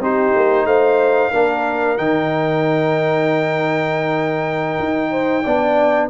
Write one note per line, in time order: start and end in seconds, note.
0.00 0.33 C4
0.00 1.33 D#4
0.00 0.67 G4
0.00 0.66 C5
0.35 0.65 A#3
0.65 1.31 A3
0.65 1.31 C5
0.65 1.98 F5
1.31 1.98 A#3
1.31 1.98 D4
1.31 5.10 A#4
1.98 4.79 D#3
1.98 5.44 D#4
1.98 6.10 G5
4.79 5.45 D#4
5.11 5.44 C5
5.44 6.11 B3
5.44 6.11 D4
5.44 6.10 D5